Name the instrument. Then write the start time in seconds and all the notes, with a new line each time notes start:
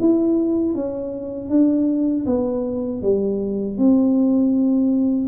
tuba
0.00 E4
0.75 C#4
1.49 D4
2.26 B3
3.02 G3
3.78 C4